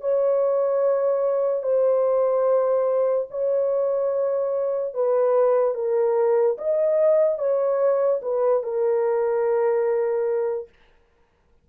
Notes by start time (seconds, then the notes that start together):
0.00 C#5
1.62 C5
3.30 C#5
4.94 B4
5.74 A#4
6.58 D#5
7.38 C#5
8.22 B4
8.63 A#4